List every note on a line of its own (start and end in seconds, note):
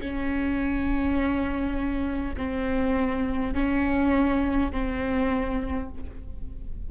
0.00 2.35 C#4
2.37 3.54 C4
3.54 4.72 C#4
4.72 5.89 C4